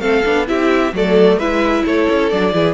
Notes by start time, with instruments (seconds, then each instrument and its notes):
0.00 cello A3, viola C4, violin A4 F5
0.25 cello B3, viola D4
0.47 cello C4, viola E4, violin G4 E5
0.93 cello F#3, viola A3, violin A4 D5
1.37 cello G#3, viola E4, violin B4 E5
1.86 cello A3, violin A4 C#5
2.10 cello C#4
2.30 cello F#3, viola D4, violin D5
2.53 cello E3, viola E4, violin G#4